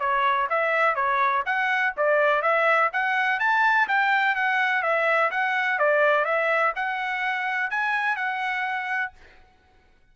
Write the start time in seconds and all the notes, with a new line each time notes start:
0.00 C#5
0.50 E5
0.96 C#5
1.46 F#5
1.97 D5
2.42 E5
2.93 F#5
3.40 A5
3.88 G5
4.36 F#5
4.83 E5
5.31 F#5
5.79 D5
6.25 E5
6.76 F#5
7.71 G#5
8.16 F#5